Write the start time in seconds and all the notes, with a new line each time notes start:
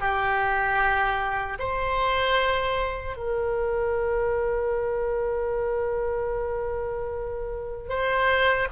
0.00 G4
1.59 C5
3.16 A#4
7.89 C5